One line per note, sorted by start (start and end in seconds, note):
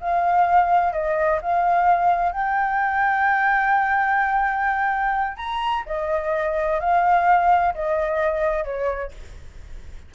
0.00 0.93 F5
0.93 1.40 D#5
1.41 2.32 F5
2.32 5.36 G5
5.37 5.84 A#5
5.86 6.79 D#5
6.80 7.73 F5
7.74 8.64 D#5
8.64 9.11 C#5